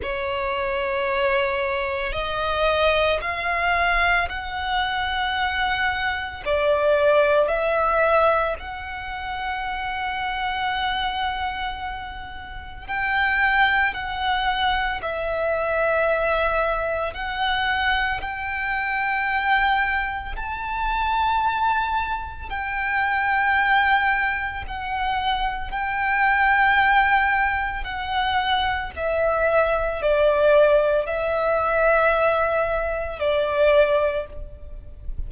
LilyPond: \new Staff \with { instrumentName = "violin" } { \time 4/4 \tempo 4 = 56 cis''2 dis''4 f''4 | fis''2 d''4 e''4 | fis''1 | g''4 fis''4 e''2 |
fis''4 g''2 a''4~ | a''4 g''2 fis''4 | g''2 fis''4 e''4 | d''4 e''2 d''4 | }